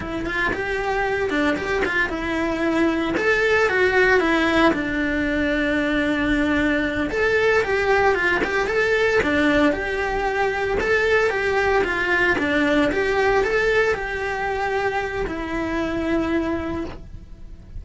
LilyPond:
\new Staff \with { instrumentName = "cello" } { \time 4/4 \tempo 4 = 114 e'8 f'8 g'4. d'8 g'8 f'8 | e'2 a'4 fis'4 | e'4 d'2.~ | d'4. a'4 g'4 f'8 |
g'8 a'4 d'4 g'4.~ | g'8 a'4 g'4 f'4 d'8~ | d'8 g'4 a'4 g'4.~ | g'4 e'2. | }